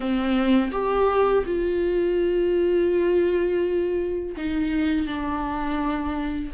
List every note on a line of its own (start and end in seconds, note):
0.00 0.71 C4
0.71 1.44 G4
1.46 4.35 F4
4.36 5.06 D#4
5.06 6.51 D4